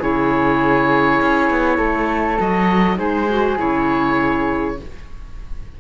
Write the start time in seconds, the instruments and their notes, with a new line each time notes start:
0.00 cello C#3, clarinet E4, flute G#4, oboe C#5
1.22 cello C#4
1.50 cello B3
1.78 cello A3, flute A4
2.38 cello F#3, clarinet F#4, oboe D#5
2.96 cello G#3, clarinet D#4, flute G#4, oboe C5
3.29 clarinet F#4
3.58 cello C#3, clarinet E4, oboe C#5